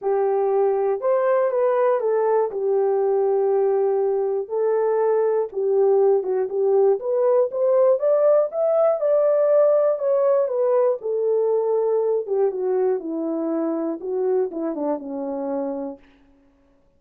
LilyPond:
\new Staff \with { instrumentName = "horn" } { \time 4/4 \tempo 4 = 120 g'2 c''4 b'4 | a'4 g'2.~ | g'4 a'2 g'4~ | g'8 fis'8 g'4 b'4 c''4 |
d''4 e''4 d''2 | cis''4 b'4 a'2~ | a'8 g'8 fis'4 e'2 | fis'4 e'8 d'8 cis'2 | }